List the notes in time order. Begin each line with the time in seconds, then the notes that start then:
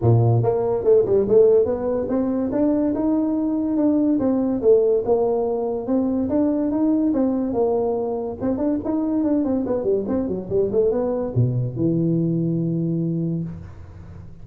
0.01 A#2
0.42 A#3
0.84 A3
1.05 G3
1.28 A3
1.65 B3
2.08 C4
2.52 D4
2.94 D#4
3.76 D4
4.19 C4
4.61 A3
5.05 A#3
5.86 C4
6.29 D4
6.71 D#4
7.13 C4
7.53 A#3
8.41 C4
8.57 D4
8.84 D#4
9.23 D4
9.44 C4
9.66 B3
9.83 G3
10.08 C4
10.28 F#3
10.49 G3
10.72 A3
10.91 B3
11.35 B2
11.76 E3